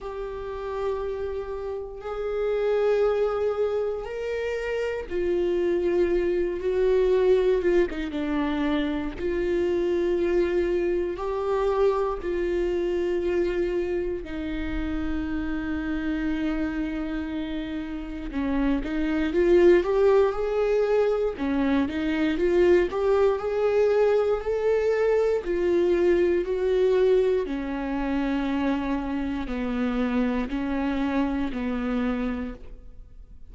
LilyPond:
\new Staff \with { instrumentName = "viola" } { \time 4/4 \tempo 4 = 59 g'2 gis'2 | ais'4 f'4. fis'4 f'16 dis'16 | d'4 f'2 g'4 | f'2 dis'2~ |
dis'2 cis'8 dis'8 f'8 g'8 | gis'4 cis'8 dis'8 f'8 g'8 gis'4 | a'4 f'4 fis'4 cis'4~ | cis'4 b4 cis'4 b4 | }